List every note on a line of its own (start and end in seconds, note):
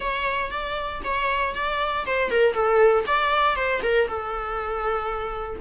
0.00 0.50 C#5
0.50 1.01 D5
1.04 1.54 C#5
1.54 2.05 D5
2.06 2.30 C5
2.30 2.53 A#4
2.53 3.04 A4
3.06 3.55 D5
3.55 3.81 C5
3.83 4.07 A#4
4.07 5.60 A4